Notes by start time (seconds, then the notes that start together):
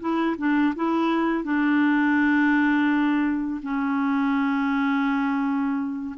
0.00 E4
0.38 D4
0.76 E4
1.44 D4
3.62 C#4